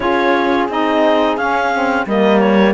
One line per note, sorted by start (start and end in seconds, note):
0.00 0.68 C#4
0.00 0.68 F4
0.00 2.07 G#4
0.00 0.68 C#5
0.68 1.37 C4
0.68 1.38 D#4
0.68 1.36 D#5
1.36 2.06 C#4
1.36 1.72 C#4
1.36 2.05 F5
1.72 2.07 C4
2.06 2.74 G3
2.06 2.74 A#3
2.06 2.74 A#4
2.06 2.39 D#5
2.39 2.73 C#5